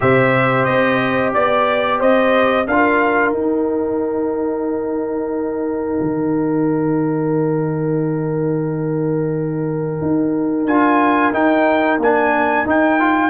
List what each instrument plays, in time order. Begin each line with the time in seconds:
0.00 tuba C3, trombone G4, horn C5, trumpet E5
0.64 tuba C4, trumpet D#5
1.33 tuba B3, trumpet D5, horn D5
1.99 tuba C4, horn C5, trumpet D#5
2.67 tuba D4, trombone F4, horn A#4, trumpet F5
3.32 tuba D#4, trombone D#4, trumpet G5
6.00 tuba D#3
10.01 tuba D#4
10.64 tuba D4, trombone F4, trumpet G#5
11.32 tuba D#4, trombone D#4, trumpet G5
11.98 tuba A#3, trombone D4, trumpet G#5
12.65 tuba D#4, trombone D#4, trumpet G5
12.99 trombone F4